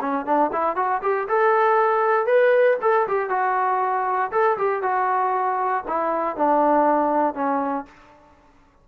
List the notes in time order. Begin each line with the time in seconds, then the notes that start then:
0.00 C#4
0.25 D4
0.52 E4
0.76 F#4
1.02 G4
1.28 A4
2.26 B4
2.81 A4
3.07 G4
3.29 F#4
4.31 A4
4.57 G4
4.82 F#4
5.87 E4
6.36 D4
7.34 C#4